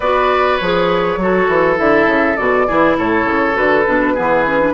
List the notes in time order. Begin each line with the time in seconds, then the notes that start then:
0.00 B3 F#4 B4 D5
0.57 F3 G#4 C#5
1.17 F#3 F#4 A4
1.48 E3
1.76 D3 E4 E5
2.06 C#3
2.36 B2 F#4 D5
2.67 E3 E4 G#4
2.98 A2 A4 C#5
3.25 C#3
3.53 D3 F#4 B4
3.86 B2 D4
4.13 E3 B3 G#4
4.45 C#4
4.59 D4